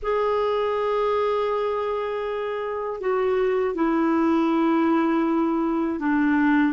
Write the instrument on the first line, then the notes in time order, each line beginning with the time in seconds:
clarinet
0.02 G#4
3.00 F#4
3.75 E4
5.99 D4